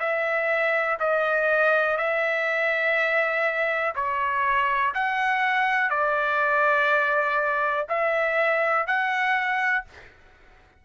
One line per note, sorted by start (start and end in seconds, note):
0.00 0.98 E5
1.00 1.97 D#5
1.97 3.94 E5
3.95 4.94 C#5
4.95 5.90 F#5
5.90 7.87 D5
7.89 8.87 E5
8.87 9.85 F#5